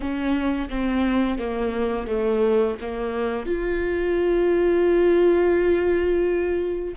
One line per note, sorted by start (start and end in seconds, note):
0.00 0.68 C#4
0.69 1.38 C4
1.38 2.07 A#3
2.07 2.77 A3
2.80 3.46 A#3
3.46 6.95 F4